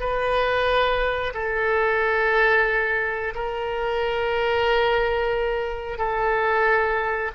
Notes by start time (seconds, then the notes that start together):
0.00 B4
1.35 A4
3.35 A#4
5.98 A4